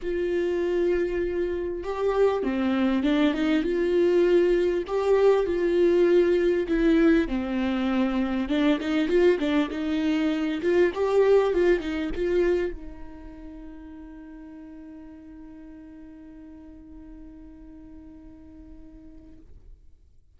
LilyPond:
\new Staff \with { instrumentName = "viola" } { \time 4/4 \tempo 4 = 99 f'2. g'4 | c'4 d'8 dis'8 f'2 | g'4 f'2 e'4 | c'2 d'8 dis'8 f'8 d'8 |
dis'4. f'8 g'4 f'8 dis'8 | f'4 dis'2.~ | dis'1~ | dis'1 | }